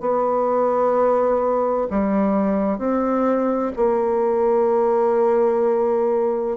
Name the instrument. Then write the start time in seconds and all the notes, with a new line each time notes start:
bassoon
0.00 B3
1.90 G3
2.78 C4
3.76 A#3